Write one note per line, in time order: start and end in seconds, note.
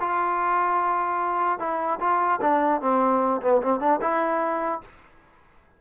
0.00 1.59 F4
1.59 1.99 E4
2.00 2.40 F4
2.41 2.81 D4
2.81 3.41 C4
3.42 3.62 B3
3.62 3.80 C4
3.80 4.00 D4
4.01 4.81 E4